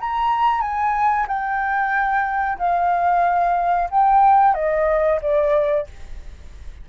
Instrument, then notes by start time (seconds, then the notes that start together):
flute
0.00 A#5
0.61 G#5
1.27 G5
2.58 F5
3.90 G5
4.54 D#5
5.21 D5